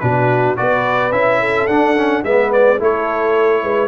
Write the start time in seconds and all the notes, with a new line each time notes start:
0.00 B2 D4 F#4 B4
0.56 B3 F#4 B4 D5
1.11 C#4 E4 E5
1.40 A4
1.67 D4 F#5
1.96 C#4
2.23 G#3 B3 B4 E5
2.52 D5
2.78 A3 E4 A4 C#5
3.63 G#3 B4